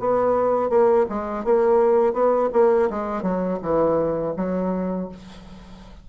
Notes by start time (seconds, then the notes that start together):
0.00 B3
0.70 A#3
1.09 G#3
1.45 A#3
2.14 B3
2.53 A#3
2.90 G#3
3.23 F#3
3.63 E3
4.37 F#3